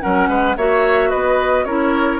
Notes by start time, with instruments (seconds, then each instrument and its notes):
0.00 bassoon F#3, clarinet C#4, oboe A#4, flute F#5
0.28 bassoon G#3, oboe B4
0.56 bassoon A#3, clarinet F#4, oboe C#5, flute E5
1.09 bassoon B3, oboe B4, flute D#5
1.64 bassoon C#4, clarinet E4, oboe A#4, flute C#5